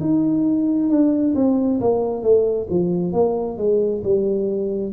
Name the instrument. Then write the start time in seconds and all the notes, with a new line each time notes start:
tuba
0.00 D#4
0.89 D4
1.35 C4
1.80 A#3
2.22 A3
2.70 F3
3.13 A#3
3.57 G#3
4.04 G3